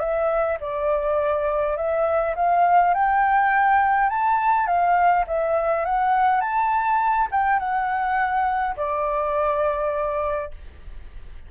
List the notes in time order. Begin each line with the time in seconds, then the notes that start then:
0.00 E5
0.61 D5
1.77 E5
2.36 F5
2.94 G5
4.10 A5
4.67 F5
5.27 E5
5.85 F#5
6.41 A5
7.32 G5
7.59 F#5
8.77 D5